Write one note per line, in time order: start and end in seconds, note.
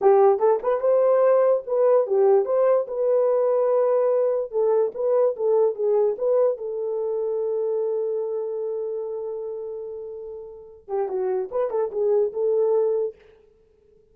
0.01 0.39 G4
0.39 0.59 A4
0.62 0.80 B4
0.80 1.62 C5
1.66 2.06 B4
2.06 2.45 G4
2.45 2.86 C5
2.87 4.51 B4
4.51 4.92 A4
4.94 5.35 B4
5.36 5.75 A4
5.75 6.16 G#4
6.18 6.57 B4
6.57 10.88 A4
10.88 11.08 G4
11.08 11.49 F#4
11.51 11.70 B4
11.70 11.90 A4
11.91 12.32 G#4
12.33 13.15 A4